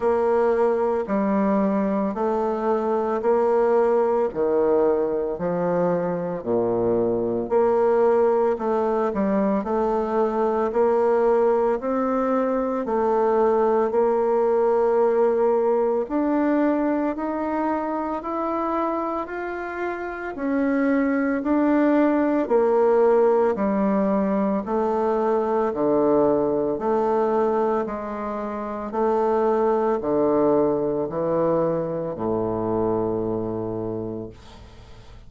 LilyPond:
\new Staff \with { instrumentName = "bassoon" } { \time 4/4 \tempo 4 = 56 ais4 g4 a4 ais4 | dis4 f4 ais,4 ais4 | a8 g8 a4 ais4 c'4 | a4 ais2 d'4 |
dis'4 e'4 f'4 cis'4 | d'4 ais4 g4 a4 | d4 a4 gis4 a4 | d4 e4 a,2 | }